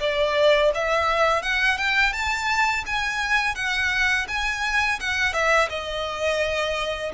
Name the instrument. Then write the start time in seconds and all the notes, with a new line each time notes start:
violin
0.00 D5
0.74 E5
1.42 F#5
1.77 G5
2.13 A5
2.86 G#5
3.55 F#5
4.28 G#5
5.00 F#5
5.33 E5
5.69 D#5